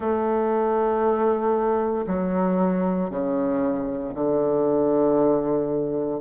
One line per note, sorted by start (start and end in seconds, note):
0.00 2.05 A3
2.06 3.10 F#3
3.10 4.13 C#3
4.14 6.20 D3